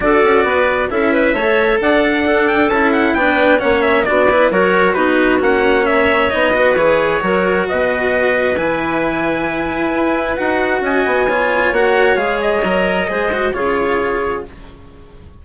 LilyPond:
<<
  \new Staff \with { instrumentName = "trumpet" } { \time 4/4 \tempo 4 = 133 d''2 e''2 | fis''4. g''8 a''8 fis''8 g''4 | fis''8 e''8 d''4 cis''4 b'4 | fis''4 e''4 dis''4 cis''4~ |
cis''4 dis''2 gis''4~ | gis''2. fis''4 | gis''2 fis''4 f''8 dis''8~ | dis''2 cis''2 | }
  \new Staff \with { instrumentName = "clarinet" } { \time 4/4 a'4 b'4 a'8 b'8 cis''4 | d''4 a'2 b'4 | cis''4 fis'8 b'8 ais'4 fis'4~ | fis'4 cis''4. b'4. |
ais'4 b'2.~ | b'1 | dis''4 cis''2.~ | cis''4 c''4 gis'2 | }
  \new Staff \with { instrumentName = "cello" } { \time 4/4 fis'2 e'4 a'4~ | a'4 d'4 e'4 d'4 | cis'4 d'8 e'8 fis'4 dis'4 | cis'2 dis'8 fis'8 gis'4 |
fis'2. e'4~ | e'2. fis'4~ | fis'4 f'4 fis'4 gis'4 | ais'4 gis'8 fis'8 f'2 | }
  \new Staff \with { instrumentName = "bassoon" } { \time 4/4 d'8 cis'8 b4 cis'4 a4 | d'2 cis'4 b4 | ais4 b4 fis4 b4 | ais2 b4 e4 |
fis4 b,2 e4~ | e2 e'4 dis'4 | cis'8 b4. ais4 gis4 | fis4 gis4 cis2 | }
>>